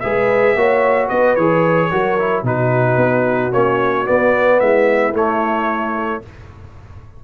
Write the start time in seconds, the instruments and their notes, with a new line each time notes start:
0.00 tuba G#3, trombone G#4, horn B4, trumpet E5
0.56 tuba A#3, trombone F#4, horn C#5
1.08 tuba B3, horn B4, trumpet D#5
1.36 tuba E3, trombone G#4, trumpet C#5
1.91 tuba F#3, trombone F#4, horn A#4
2.19 trombone E4
2.43 tuba B2, trombone D#4, horn F#4, trumpet B4
2.97 tuba B3
3.52 tuba A#3, trombone C#4, trumpet C#5
4.05 trombone B3, tuba B3, trumpet D5
4.60 tuba G#3, horn E4, trumpet E5
5.13 tuba A3, trombone A3, trumpet C#5